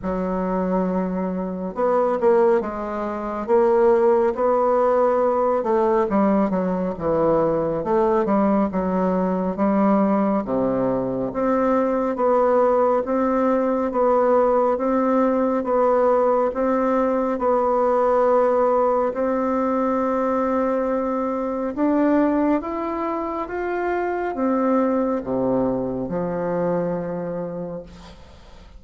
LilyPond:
\new Staff \with { instrumentName = "bassoon" } { \time 4/4 \tempo 4 = 69 fis2 b8 ais8 gis4 | ais4 b4. a8 g8 fis8 | e4 a8 g8 fis4 g4 | c4 c'4 b4 c'4 |
b4 c'4 b4 c'4 | b2 c'2~ | c'4 d'4 e'4 f'4 | c'4 c4 f2 | }